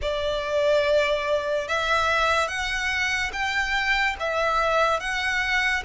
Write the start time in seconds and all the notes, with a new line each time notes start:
0.02 D5
1.67 E5
2.48 F#5
3.32 G5
4.19 E5
5.00 F#5